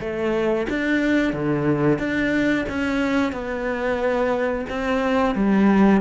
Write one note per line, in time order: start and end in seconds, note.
0.00 0.67 A3
0.69 1.33 D4
1.33 1.98 D3
1.98 2.65 D4
2.69 3.32 C#4
3.32 4.65 B3
4.69 5.35 C4
5.35 6.01 G3